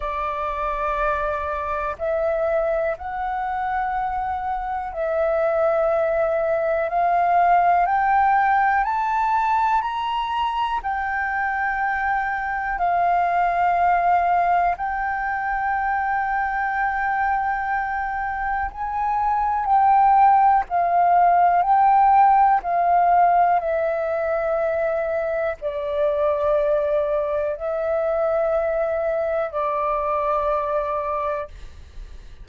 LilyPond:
\new Staff \with { instrumentName = "flute" } { \time 4/4 \tempo 4 = 61 d''2 e''4 fis''4~ | fis''4 e''2 f''4 | g''4 a''4 ais''4 g''4~ | g''4 f''2 g''4~ |
g''2. gis''4 | g''4 f''4 g''4 f''4 | e''2 d''2 | e''2 d''2 | }